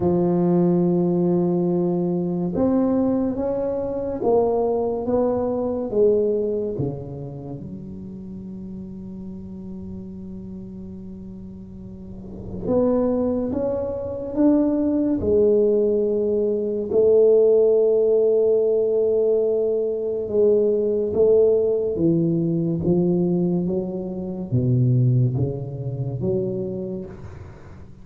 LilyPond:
\new Staff \with { instrumentName = "tuba" } { \time 4/4 \tempo 4 = 71 f2. c'4 | cis'4 ais4 b4 gis4 | cis4 fis2.~ | fis2. b4 |
cis'4 d'4 gis2 | a1 | gis4 a4 e4 f4 | fis4 b,4 cis4 fis4 | }